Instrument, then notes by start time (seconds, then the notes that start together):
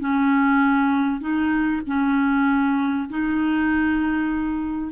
clarinet
0.00 C#4
1.21 D#4
1.87 C#4
3.10 D#4